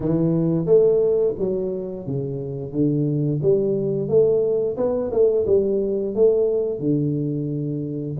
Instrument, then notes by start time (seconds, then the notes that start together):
tuba
0.00 E3
0.65 A3
1.38 F#3
2.06 C#3
2.72 D3
3.42 G3
4.08 A3
4.76 B3
5.11 A3
5.46 G3
6.15 A3
6.79 D3